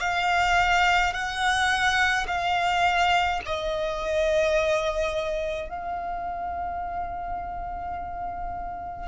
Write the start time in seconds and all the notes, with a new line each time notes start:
0.00 F5
1.13 F#5
2.27 F5
3.46 D#5
5.69 F5